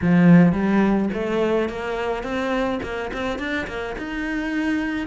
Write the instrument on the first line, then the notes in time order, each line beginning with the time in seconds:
cello
0.01 F3
0.52 G3
1.13 A3
1.69 A#3
2.23 C4
2.83 A#3
3.13 C4
3.38 D4
3.67 A#3
3.98 D#4